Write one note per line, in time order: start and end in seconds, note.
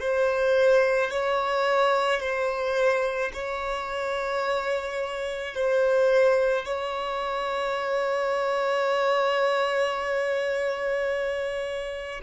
0.00 1.11 C5
1.11 2.21 C#5
2.21 3.32 C5
3.34 5.55 C#5
5.55 6.66 C5
6.66 12.21 C#5